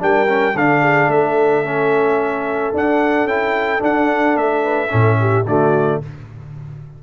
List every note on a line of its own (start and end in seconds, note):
0.00 0.55 G3
0.00 0.27 D4
0.00 0.56 A#4
0.00 0.57 G5
0.28 0.55 C#4
0.55 1.08 D3
0.55 1.65 D4
0.55 0.83 A4
0.55 1.11 F5
0.83 1.10 G#4
1.08 2.72 A3
1.08 4.64 A4
1.08 2.75 E5
1.65 2.74 C#4
2.74 3.25 D4
2.74 3.29 D4
2.74 3.28 F#5
3.25 3.79 C#4
3.25 3.80 E4
3.25 3.82 G5
3.80 4.89 D4
3.80 4.37 D4
3.80 4.38 F#5
4.37 4.91 A3
4.37 5.47 E5
4.64 4.91 B4
4.90 5.46 A2
4.90 5.45 C#4
4.90 5.19 A4
5.21 5.47 G4
5.46 6.01 D3
5.46 6.03 A3
5.46 6.02 F#4
5.46 6.02 D5